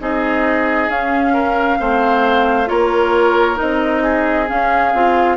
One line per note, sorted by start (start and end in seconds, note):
0.00 0.88 C4
0.00 0.90 D#4
0.00 1.33 G#4
0.00 0.90 D#5
0.88 1.78 C#4
0.88 1.79 C#4
0.88 2.68 F5
1.33 1.78 A#4
1.79 2.69 A3
1.79 2.66 C4
1.79 2.69 C5
2.66 3.58 A#3
2.66 3.56 F4
2.66 4.03 A#4
2.66 3.57 C#5
3.56 4.51 C4
3.56 4.45 D#4
3.56 4.48 D#5
4.03 5.36 G#4
4.47 4.91 C#4
4.47 4.93 C#4
4.47 5.36 F5
4.93 5.36 C4
4.93 5.36 F4